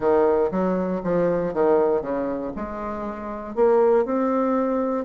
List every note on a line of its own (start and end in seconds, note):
0.00 0.50 D#3
0.51 1.01 F#3
1.03 1.53 F3
1.53 2.01 D#3
2.01 2.52 C#3
2.56 3.55 G#3
3.55 4.05 A#3
4.05 5.05 C4